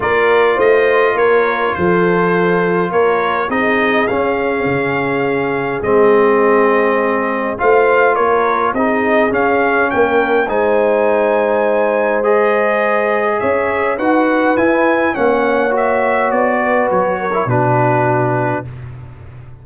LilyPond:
<<
  \new Staff \with { instrumentName = "trumpet" } { \time 4/4 \tempo 4 = 103 d''4 dis''4 cis''4 c''4~ | c''4 cis''4 dis''4 f''4~ | f''2 dis''2~ | dis''4 f''4 cis''4 dis''4 |
f''4 g''4 gis''2~ | gis''4 dis''2 e''4 | fis''4 gis''4 fis''4 e''4 | d''4 cis''4 b'2 | }
  \new Staff \with { instrumentName = "horn" } { \time 4/4 ais'4 c''4 ais'4 a'4~ | a'4 ais'4 gis'2~ | gis'1~ | gis'4 c''4 ais'4 gis'4~ |
gis'4 ais'4 c''2~ | c''2. cis''4 | b'2 cis''2~ | cis''8 b'4 ais'8 fis'2 | }
  \new Staff \with { instrumentName = "trombone" } { \time 4/4 f'1~ | f'2 dis'4 cis'4~ | cis'2 c'2~ | c'4 f'2 dis'4 |
cis'2 dis'2~ | dis'4 gis'2. | fis'4 e'4 cis'4 fis'4~ | fis'4.~ fis'16 e'16 d'2 | }
  \new Staff \with { instrumentName = "tuba" } { \time 4/4 ais4 a4 ais4 f4~ | f4 ais4 c'4 cis'4 | cis2 gis2~ | gis4 a4 ais4 c'4 |
cis'4 ais4 gis2~ | gis2. cis'4 | dis'4 e'4 ais2 | b4 fis4 b,2 | }
>>